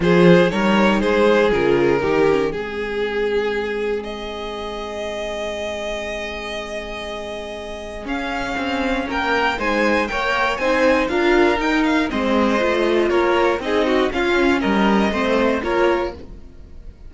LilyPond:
<<
  \new Staff \with { instrumentName = "violin" } { \time 4/4 \tempo 4 = 119 c''4 cis''4 c''4 ais'4~ | ais'4 gis'2. | dis''1~ | dis''1 |
f''2 g''4 gis''4 | g''4 gis''4 f''4 g''8 f''8 | dis''2 cis''4 dis''4 | f''4 dis''2 cis''4 | }
  \new Staff \with { instrumentName = "violin" } { \time 4/4 gis'4 ais'4 gis'2 | g'4 gis'2.~ | gis'1~ | gis'1~ |
gis'2 ais'4 c''4 | cis''4 c''4 ais'2 | c''2 ais'4 gis'8 fis'8 | f'4 ais'4 c''4 ais'4 | }
  \new Staff \with { instrumentName = "viola" } { \time 4/4 f'4 dis'2 f'4 | dis'8 cis'8 c'2.~ | c'1~ | c'1 |
cis'2. dis'4 | ais'4 dis'4 f'4 dis'4 | c'4 f'2 dis'4 | cis'2 c'4 f'4 | }
  \new Staff \with { instrumentName = "cello" } { \time 4/4 f4 g4 gis4 cis4 | dis4 gis2.~ | gis1~ | gis1 |
cis'4 c'4 ais4 gis4 | ais4 c'4 d'4 dis'4 | gis4 a4 ais4 c'4 | cis'4 g4 a4 ais4 | }
>>